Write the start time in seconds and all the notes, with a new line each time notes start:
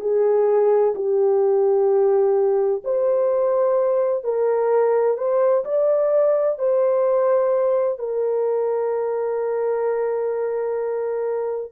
0.00 G#4
0.95 G4
2.84 C5
4.24 A#4
5.17 C5
5.65 D5
6.58 C5
7.99 A#4